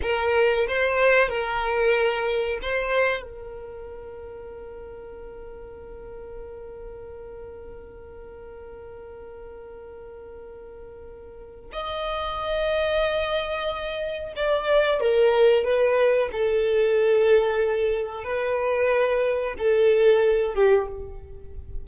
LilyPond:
\new Staff \with { instrumentName = "violin" } { \time 4/4 \tempo 4 = 92 ais'4 c''4 ais'2 | c''4 ais'2.~ | ais'1~ | ais'1~ |
ais'2 dis''2~ | dis''2 d''4 ais'4 | b'4 a'2. | b'2 a'4. g'8 | }